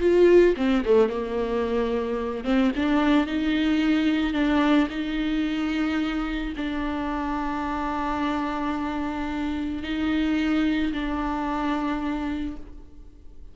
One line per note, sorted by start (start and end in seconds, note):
0.00 0.55 F4
0.56 0.83 C4
0.85 1.09 A3
1.09 2.44 A#3
2.44 2.71 C4
2.75 3.27 D4
3.27 4.33 D#4
4.33 4.87 D4
4.89 6.53 D#4
6.57 9.83 D4
9.83 10.92 D#4
10.92 12.56 D4